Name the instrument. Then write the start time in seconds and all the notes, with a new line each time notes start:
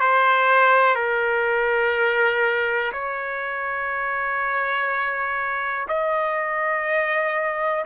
trumpet
0.00 C5
0.95 A#4
2.92 C#5
5.88 D#5